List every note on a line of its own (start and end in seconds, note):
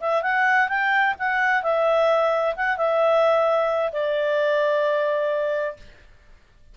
0.00 0.22 E5
0.22 0.68 F#5
0.68 1.14 G5
1.18 1.62 F#5
1.62 2.55 E5
2.56 2.77 F#5
2.77 3.92 E5
3.92 5.77 D5